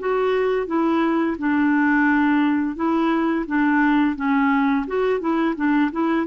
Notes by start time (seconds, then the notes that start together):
0.00 F#4
0.67 E4
1.39 D4
2.76 E4
3.47 D4
4.16 C#4
4.87 F#4
5.20 E4
5.56 D4
5.92 E4